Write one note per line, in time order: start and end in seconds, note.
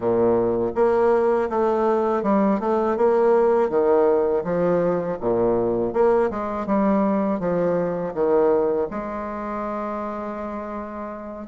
0.00 0.71 A#2
0.75 1.49 A#3
1.49 2.22 A3
2.22 2.59 G3
2.60 2.96 A3
2.96 3.69 A#3
3.69 4.43 D#3
4.44 5.18 F3
5.20 5.93 A#2
5.93 6.30 A#3
6.30 6.66 G#3
6.66 7.39 G3
7.39 8.13 F3
8.13 8.88 D#3
8.90 11.47 G#3